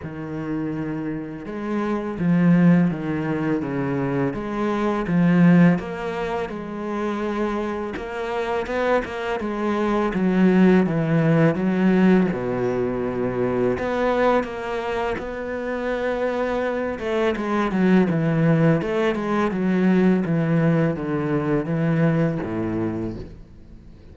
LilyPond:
\new Staff \with { instrumentName = "cello" } { \time 4/4 \tempo 4 = 83 dis2 gis4 f4 | dis4 cis4 gis4 f4 | ais4 gis2 ais4 | b8 ais8 gis4 fis4 e4 |
fis4 b,2 b4 | ais4 b2~ b8 a8 | gis8 fis8 e4 a8 gis8 fis4 | e4 d4 e4 a,4 | }